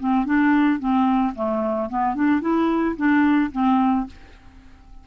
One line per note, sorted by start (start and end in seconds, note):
0.00 0.26 C4
0.26 0.80 D4
0.80 1.34 C4
1.35 1.90 A3
1.90 2.15 B3
2.15 2.41 D4
2.41 2.96 E4
2.97 3.51 D4
3.52 4.07 C4